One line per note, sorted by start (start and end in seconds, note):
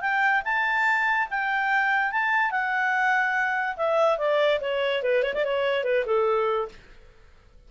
0.00 0.42 G5
0.44 1.28 A5
1.30 2.11 G5
2.11 2.51 A5
2.51 3.76 F#5
3.76 4.18 E5
4.18 4.59 D5
4.60 5.02 C#5
5.02 5.23 B4
5.23 5.33 C#5
5.34 5.44 D5
5.44 5.84 C#5
5.84 6.04 B4
6.06 6.68 A4